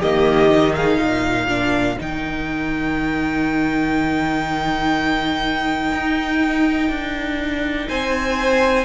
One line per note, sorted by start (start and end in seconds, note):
0.00 0.98 D#3
0.00 0.49 A#3
0.00 0.74 G4
0.00 0.75 D#5
0.49 1.48 D#4
0.75 1.01 G#4
0.75 1.98 F5
0.98 1.96 A#2
0.98 7.88 A#4
1.48 1.97 D4
1.98 5.92 D#3
1.98 8.85 D#4
1.98 7.88 G5
5.92 6.89 D#4
6.89 7.88 D4
7.88 8.85 C4
7.88 8.85 C5
7.88 8.85 G#5